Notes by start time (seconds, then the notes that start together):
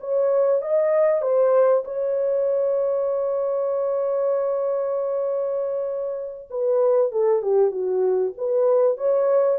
0.00 C#5
0.62 D#5
1.22 C5
1.84 C#5
6.50 B4
7.11 A4
7.42 G4
7.71 F#4
8.37 B4
8.97 C#5